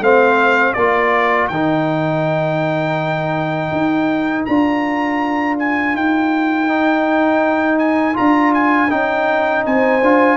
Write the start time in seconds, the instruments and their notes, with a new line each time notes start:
0.00 tuba A3, trombone C4, horn C5, trumpet F5
0.73 tuba A#3, trombone F4, horn A#4, trumpet D5
1.48 tuba D#3, trombone D#4, trumpet G5
3.72 tuba D#4
4.45 tuba D4, trombone F4, trumpet A#5
5.59 trumpet G#5
5.94 tuba D#4, trumpet G5
6.69 trombone D#4
7.79 trumpet G#5
8.14 tuba D4, trombone F4, trumpet A#5
8.54 trumpet G#5
8.90 tuba C#4, trombone D#4, trumpet G5
9.66 tuba C4, horn C5, trumpet G#5
10.02 tuba D4, trombone F4